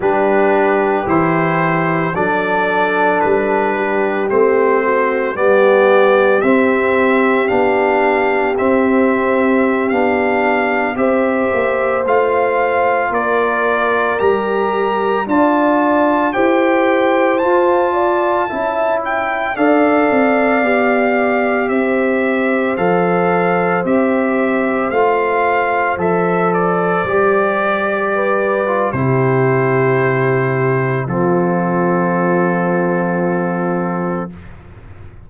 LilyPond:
<<
  \new Staff \with { instrumentName = "trumpet" } { \time 4/4 \tempo 4 = 56 b'4 c''4 d''4 b'4 | c''4 d''4 e''4 f''4 | e''4~ e''16 f''4 e''4 f''8.~ | f''16 d''4 ais''4 a''4 g''8.~ |
g''16 a''4. g''8 f''4.~ f''16~ | f''16 e''4 f''4 e''4 f''8.~ | f''16 e''8 d''2~ d''16 c''4~ | c''4 a'2. | }
  \new Staff \with { instrumentName = "horn" } { \time 4/4 g'2 a'4. g'8~ | g'8 fis'8 g'2.~ | g'2~ g'16 c''4.~ c''16~ | c''16 ais'2 d''4 c''8.~ |
c''8. d''8 e''4 d''4.~ d''16~ | d''16 c''2.~ c''8.~ | c''2~ c''16 b'8. g'4~ | g'4 f'2. | }
  \new Staff \with { instrumentName = "trombone" } { \time 4/4 d'4 e'4 d'2 | c'4 b4 c'4 d'4 | c'4~ c'16 d'4 g'4 f'8.~ | f'4~ f'16 g'4 f'4 g'8.~ |
g'16 f'4 e'4 a'4 g'8.~ | g'4~ g'16 a'4 g'4 f'8.~ | f'16 a'4 g'4. f'16 e'4~ | e'4 c'2. | }
  \new Staff \with { instrumentName = "tuba" } { \time 4/4 g4 e4 fis4 g4 | a4 g4 c'4 b4 | c'4~ c'16 b4 c'8 ais8 a8.~ | a16 ais4 g4 d'4 e'8.~ |
e'16 f'4 cis'4 d'8 c'8 b8.~ | b16 c'4 f4 c'4 a8.~ | a16 f4 g4.~ g16 c4~ | c4 f2. | }
>>